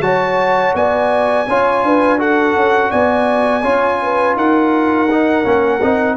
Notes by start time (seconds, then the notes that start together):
0.00 F#3 F#4 C#5 A5
0.74 B3 D5 G#5
1.47 C#4 F4 C#5
1.83 D4 B4
2.18 F#4 A4 F#5
2.55 C#4
2.90 B3 D5 G#5
3.61 C#4 F4 C#5
4.02 B4
4.35 D#4 A#4 F#5
5.10 D#4
5.44 A#3 C#4
5.82 C4 D#4